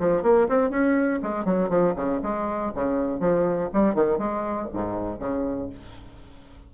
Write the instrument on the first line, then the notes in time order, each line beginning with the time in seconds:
bassoon
0.00 F3
0.23 A#3
0.49 C4
0.70 C#4
1.23 G#3
1.45 F#3
1.70 F3
1.96 C#3
2.23 G#3
2.75 C#3
3.20 F3
3.74 G3
3.95 D#3
4.18 G#3
4.74 G#2
5.19 C#3